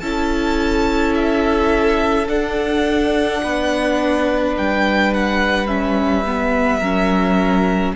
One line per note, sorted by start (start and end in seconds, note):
0.00 2.28 C#4
0.00 2.27 E4
0.00 3.42 A4
0.00 1.13 A5
1.15 2.28 E5
2.27 5.67 D4
2.27 3.42 D4
2.27 4.56 F#5
3.43 4.57 B3
3.43 6.79 B4
4.58 6.81 G3
4.58 5.14 G5
5.14 5.67 F#5
5.67 6.24 C#4
5.67 7.94 E5
6.26 6.83 B3
6.79 7.94 F#3
6.79 7.96 C#4
6.79 7.93 A#4